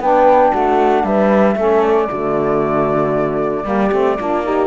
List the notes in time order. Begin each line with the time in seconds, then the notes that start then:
0.00 B3 D4 B4 G5
0.52 A3 F#4 F#5
1.04 G3 B4 E5
1.56 A3 C#4 A4
1.84 D5
2.10 D3 A3 F#4
3.65 G3 A#3 G4
3.92 A3 C4
4.19 A#3 D4 F4
4.44 D#4 G4